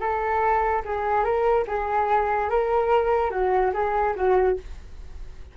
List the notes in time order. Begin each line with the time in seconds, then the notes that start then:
0.00 A4
0.85 G#4
1.24 A#4
1.68 G#4
2.50 A#4
3.31 F#4
3.74 G#4
4.16 F#4